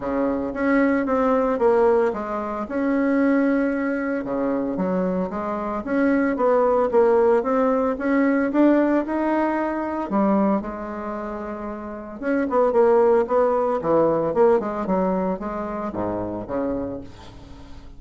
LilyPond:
\new Staff \with { instrumentName = "bassoon" } { \time 4/4 \tempo 4 = 113 cis4 cis'4 c'4 ais4 | gis4 cis'2. | cis4 fis4 gis4 cis'4 | b4 ais4 c'4 cis'4 |
d'4 dis'2 g4 | gis2. cis'8 b8 | ais4 b4 e4 ais8 gis8 | fis4 gis4 gis,4 cis4 | }